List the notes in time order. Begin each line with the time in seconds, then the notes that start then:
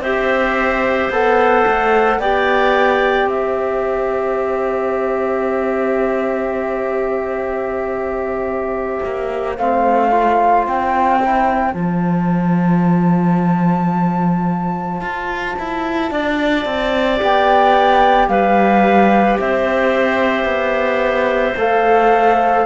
0.00 C4 G4 C5 E5
1.10 B3 A4 F#5
1.67 A3
2.18 B3 G4 D5 G5
3.26 C4 C5 E5
9.04 A#3
9.57 A3 C4 F5
10.11 F4
10.66 C4 G5
11.21 E4
11.72 F3 F4 A5
15.00 F4
15.59 E4
16.11 D4 D5
16.65 C4
17.17 B3 G4
17.23 G5
18.28 G3 B4 F5
19.39 C4 C5 E5
20.44 B3
21.56 A3 A4 F5